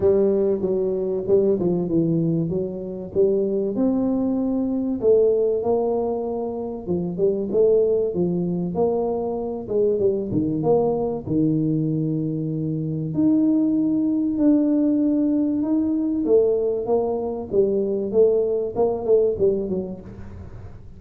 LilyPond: \new Staff \with { instrumentName = "tuba" } { \time 4/4 \tempo 4 = 96 g4 fis4 g8 f8 e4 | fis4 g4 c'2 | a4 ais2 f8 g8 | a4 f4 ais4. gis8 |
g8 dis8 ais4 dis2~ | dis4 dis'2 d'4~ | d'4 dis'4 a4 ais4 | g4 a4 ais8 a8 g8 fis8 | }